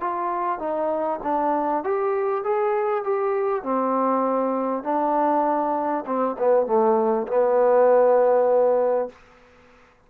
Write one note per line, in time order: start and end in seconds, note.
0.00 0.59 F4
0.59 1.20 D#4
1.23 1.84 D4
1.84 2.44 G4
2.44 3.04 G#4
3.04 3.63 G4
3.63 4.83 C4
4.83 6.04 D4
6.06 6.36 C4
6.39 6.66 B3
6.66 7.27 A3
7.27 9.09 B3